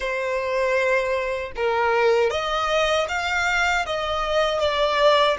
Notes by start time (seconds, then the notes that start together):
0.00 C5
1.56 A#4
2.30 D#5
3.08 F5
3.85 D#5
4.59 D5